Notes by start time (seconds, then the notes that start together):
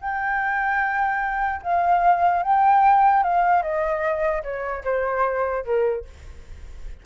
0.00 G5
1.62 F5
2.43 G5
3.23 F5
3.62 D#5
4.43 C#5
4.84 C5
5.64 A#4